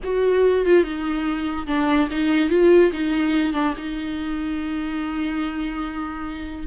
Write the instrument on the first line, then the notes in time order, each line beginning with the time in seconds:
viola
0.03 F#4
0.65 F4
0.83 D#4
1.67 D4
2.10 D#4
2.49 F4
2.92 D#4
3.53 D4
3.77 D#4